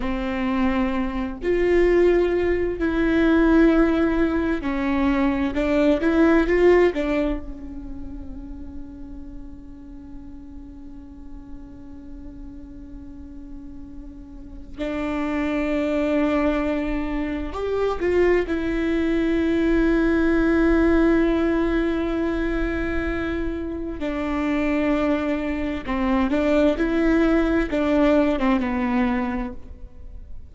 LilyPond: \new Staff \with { instrumentName = "viola" } { \time 4/4 \tempo 4 = 65 c'4. f'4. e'4~ | e'4 cis'4 d'8 e'8 f'8 d'8 | cis'1~ | cis'1 |
d'2. g'8 f'8 | e'1~ | e'2 d'2 | c'8 d'8 e'4 d'8. c'16 b4 | }